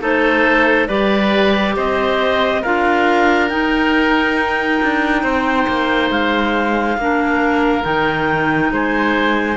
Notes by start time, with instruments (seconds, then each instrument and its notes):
0.00 cello A3, clarinet D#4 C5, oboe A4
0.87 cello G3, clarinet G4 D5, oboe B4
1.76 cello C4, oboe C5, clarinet D#5
2.61 cello D4, clarinet F4 F5, oboe A#4
3.48 clarinet D#4 G5, cello D#4
4.83 cello D4
5.22 cello C4, oboe C5
5.67 cello A#3
6.10 cello G#3, clarinet F5
6.97 cello A#3, clarinet D4, oboe A#4
7.82 cello D#3, clarinet D#4 G5
8.71 cello G#3, oboe C5, clarinet G#5